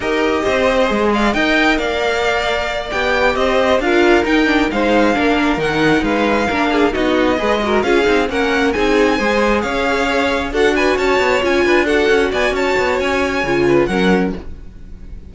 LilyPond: <<
  \new Staff \with { instrumentName = "violin" } { \time 4/4 \tempo 4 = 134 dis''2~ dis''8 f''8 g''4 | f''2~ f''8 g''4 dis''8~ | dis''8 f''4 g''4 f''4.~ | f''8 fis''4 f''2 dis''8~ |
dis''4. f''4 fis''4 gis''8~ | gis''4. f''2 fis''8 | gis''8 a''4 gis''4 fis''4 gis''8 | a''4 gis''2 fis''4 | }
  \new Staff \with { instrumentName = "violin" } { \time 4/4 ais'4 c''4. d''8 dis''4 | d''2.~ d''8 c''8~ | c''8 ais'2 c''4 ais'8~ | ais'4. b'4 ais'8 gis'8 fis'8~ |
fis'8 b'8 ais'8 gis'4 ais'4 gis'8~ | gis'8 c''4 cis''2 a'8 | b'8 cis''4. b'8 a'4 d''8 | cis''2~ cis''8 b'8 ais'4 | }
  \new Staff \with { instrumentName = "viola" } { \time 4/4 g'2 gis'4 ais'4~ | ais'2~ ais'8 g'4.~ | g'8 f'4 dis'8 d'8 dis'4 d'8~ | d'8 dis'2 d'4 dis'8~ |
dis'8 gis'8 fis'8 f'8 dis'8 cis'4 dis'8~ | dis'8 gis'2. fis'8~ | fis'4. f'4 fis'4.~ | fis'2 f'4 cis'4 | }
  \new Staff \with { instrumentName = "cello" } { \time 4/4 dis'4 c'4 gis4 dis'4 | ais2~ ais8 b4 c'8~ | c'8 d'4 dis'4 gis4 ais8~ | ais8 dis4 gis4 ais4 b8~ |
b8 gis4 cis'8 c'8 ais4 c'8~ | c'8 gis4 cis'2 d'8~ | d'8 cis'8 b8 cis'8 d'4 cis'8 b8 | cis'8 b8 cis'4 cis4 fis4 | }
>>